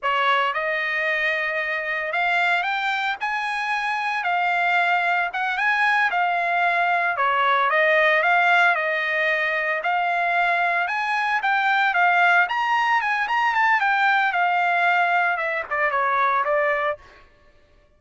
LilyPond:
\new Staff \with { instrumentName = "trumpet" } { \time 4/4 \tempo 4 = 113 cis''4 dis''2. | f''4 g''4 gis''2 | f''2 fis''8 gis''4 f''8~ | f''4. cis''4 dis''4 f''8~ |
f''8 dis''2 f''4.~ | f''8 gis''4 g''4 f''4 ais''8~ | ais''8 gis''8 ais''8 a''8 g''4 f''4~ | f''4 e''8 d''8 cis''4 d''4 | }